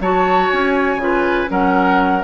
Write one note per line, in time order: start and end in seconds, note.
0.00 0.50 F#3
0.00 1.00 F#4
0.00 1.01 C#5
0.00 0.50 A5
0.50 0.96 C#4
0.50 1.50 G#5
0.96 1.46 C#3
0.96 1.48 F4
1.03 1.51 B4
1.48 2.24 F#3
1.48 2.23 C#4
1.48 2.24 A#4
1.48 2.24 F#5